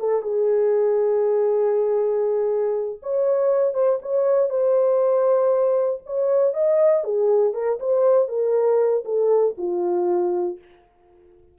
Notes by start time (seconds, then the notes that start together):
0.00 A4
0.22 G#4
3.03 C#5
3.74 C5
4.02 C#5
4.50 C5
6.07 C#5
6.54 D#5
7.04 G#4
7.54 A#4
7.80 C5
8.29 A#4
9.05 A4
9.58 F4